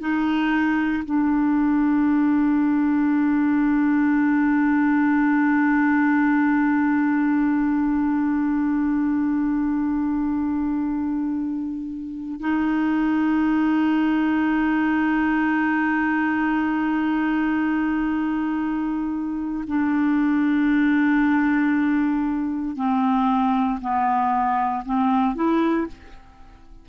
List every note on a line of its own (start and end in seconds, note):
0.00 1.03 D#4
1.04 12.40 D4
12.40 19.64 D#4
19.67 22.76 D4
22.76 23.79 C4
23.81 24.84 B3
24.85 25.35 C4
25.35 25.87 E4